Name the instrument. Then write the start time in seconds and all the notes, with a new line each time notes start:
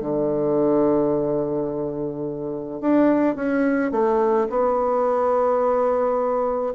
bassoon
0.00 D3
2.81 D4
3.35 C#4
3.91 A3
4.49 B3